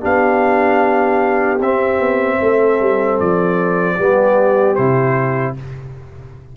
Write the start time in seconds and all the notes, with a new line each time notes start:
0.00 B3 D4 G4 F5
1.60 C4 E5
1.99 B3
2.41 A3 A4
2.80 G3
3.19 F3 D5
3.96 G3 B3 G4
4.75 C3 E4 C5